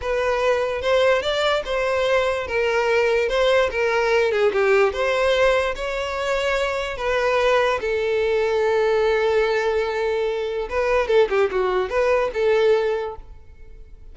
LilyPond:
\new Staff \with { instrumentName = "violin" } { \time 4/4 \tempo 4 = 146 b'2 c''4 d''4 | c''2 ais'2 | c''4 ais'4. gis'8 g'4 | c''2 cis''2~ |
cis''4 b'2 a'4~ | a'1~ | a'2 b'4 a'8 g'8 | fis'4 b'4 a'2 | }